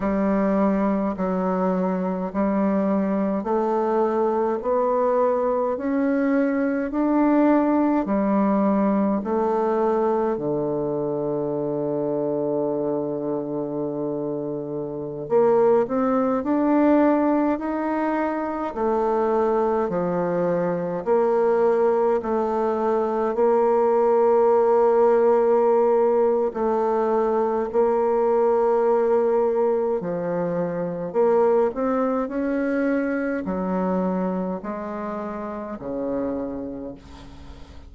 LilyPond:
\new Staff \with { instrumentName = "bassoon" } { \time 4/4 \tempo 4 = 52 g4 fis4 g4 a4 | b4 cis'4 d'4 g4 | a4 d2.~ | d4~ d16 ais8 c'8 d'4 dis'8.~ |
dis'16 a4 f4 ais4 a8.~ | a16 ais2~ ais8. a4 | ais2 f4 ais8 c'8 | cis'4 fis4 gis4 cis4 | }